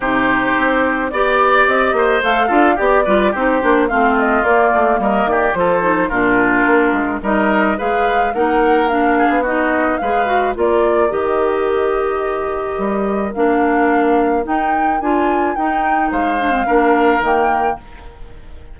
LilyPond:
<<
  \new Staff \with { instrumentName = "flute" } { \time 4/4 \tempo 4 = 108 c''2 d''4 dis''4 | f''4 d''4 c''4 f''8 dis''8 | d''4 dis''8 d''8 c''4 ais'4~ | ais'4 dis''4 f''4 fis''4 |
f''4 dis''4 f''4 d''4 | dis''1 | f''2 g''4 gis''4 | g''4 f''2 g''4 | }
  \new Staff \with { instrumentName = "oboe" } { \time 4/4 g'2 d''4. c''8~ | c''8 a'8 g'8 b'8 g'4 f'4~ | f'4 ais'8 g'8 a'4 f'4~ | f'4 ais'4 b'4 ais'4~ |
ais'8 gis'8 fis'4 b'4 ais'4~ | ais'1~ | ais'1~ | ais'4 c''4 ais'2 | }
  \new Staff \with { instrumentName = "clarinet" } { \time 4/4 dis'2 g'2 | a'8 f'8 g'8 f'8 dis'8 d'8 c'4 | ais2 f'8 dis'8 d'4~ | d'4 dis'4 gis'4 dis'4 |
d'4 dis'4 gis'8 fis'8 f'4 | g'1 | d'2 dis'4 f'4 | dis'4. d'16 c'16 d'4 ais4 | }
  \new Staff \with { instrumentName = "bassoon" } { \time 4/4 c4 c'4 b4 c'8 ais8 | a8 d'8 b8 g8 c'8 ais8 a4 | ais8 a8 g8 dis8 f4 ais,4 | ais8 gis8 g4 gis4 ais4~ |
ais8. b4~ b16 gis4 ais4 | dis2. g4 | ais2 dis'4 d'4 | dis'4 gis4 ais4 dis4 | }
>>